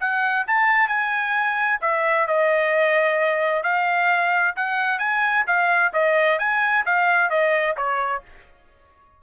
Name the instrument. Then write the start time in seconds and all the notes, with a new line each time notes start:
trumpet
0.00 F#5
0.47 A5
0.88 G#5
1.82 E5
2.28 D#5
3.63 F5
4.56 F#5
4.99 G#5
5.47 F5
5.93 D#5
6.39 G#5
6.86 F5
7.30 D#5
7.77 C#5